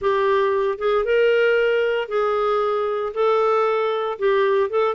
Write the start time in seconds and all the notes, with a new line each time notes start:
0.01 G4
0.78 G#4
1.04 A#4
2.08 G#4
3.14 A4
4.19 G4
4.70 A4